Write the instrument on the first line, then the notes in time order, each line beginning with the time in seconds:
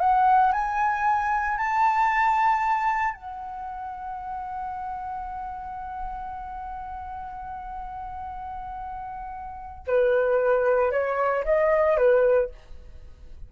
flute
0.00 F#5
0.52 G#5
1.58 A5
3.14 F#5
9.87 B4
10.92 C#5
11.44 D#5
11.97 B4